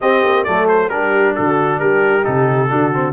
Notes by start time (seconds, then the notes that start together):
0.00 C4 G4 D#5
0.24 A#3
0.43 F#3 A3 A4 D5
0.68 C5
0.89 G3 D4 G4 A#4
1.35 D3 F#4 A4
1.79 G3 G4 A#4
2.22 C3 D#4 A4
2.70 D3 D4 F#4
2.93 C4